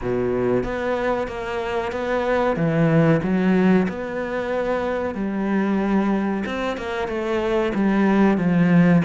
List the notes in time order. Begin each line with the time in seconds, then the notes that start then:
0.01 B2
0.63 B3
1.27 A#3
1.91 B3
2.56 E3
3.23 F#3
3.88 B3
5.14 G3
6.45 C4
6.77 A#3
7.08 A3
7.74 G3
8.37 F3